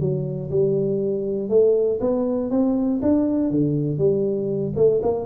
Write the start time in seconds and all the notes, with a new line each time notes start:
0.00 F#3
0.50 G3
1.49 A3
2.00 B3
2.50 C4
3.02 D4
3.50 D3
3.98 G3
4.76 A3
5.02 A#3